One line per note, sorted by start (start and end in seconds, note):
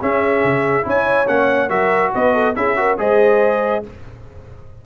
0.00 0.44 C#4
0.00 0.83 C#4
0.00 0.86 G#4
0.00 0.88 E5
0.44 0.86 C#3
0.83 1.28 C#4
0.83 1.26 E4
0.83 1.70 C#5
0.83 1.28 G#5
1.28 1.70 A#3
1.28 1.69 C#4
1.28 1.70 F#5
1.69 2.13 F#3
1.69 2.55 F#4
1.69 2.13 A#4
1.69 2.12 E5
2.15 2.57 B3
2.15 2.34 B4
2.15 2.56 D#5
2.34 2.56 A4
2.56 2.99 C#4
2.56 2.77 E4
2.56 2.79 G#4
2.56 2.98 E5
2.77 2.98 F#4
2.77 3.00 A#4
2.98 3.85 G#3
2.98 3.84 G#4
2.98 3.85 C5
2.98 3.86 D#5